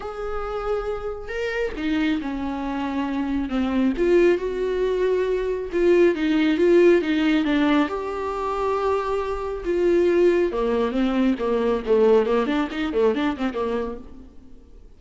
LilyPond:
\new Staff \with { instrumentName = "viola" } { \time 4/4 \tempo 4 = 137 gis'2. ais'4 | dis'4 cis'2. | c'4 f'4 fis'2~ | fis'4 f'4 dis'4 f'4 |
dis'4 d'4 g'2~ | g'2 f'2 | ais4 c'4 ais4 a4 | ais8 d'8 dis'8 a8 d'8 c'8 ais4 | }